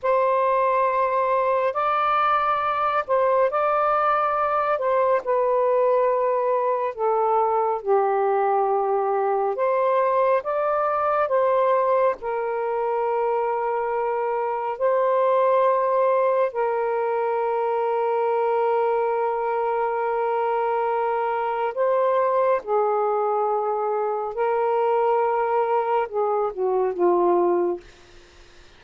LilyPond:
\new Staff \with { instrumentName = "saxophone" } { \time 4/4 \tempo 4 = 69 c''2 d''4. c''8 | d''4. c''8 b'2 | a'4 g'2 c''4 | d''4 c''4 ais'2~ |
ais'4 c''2 ais'4~ | ais'1~ | ais'4 c''4 gis'2 | ais'2 gis'8 fis'8 f'4 | }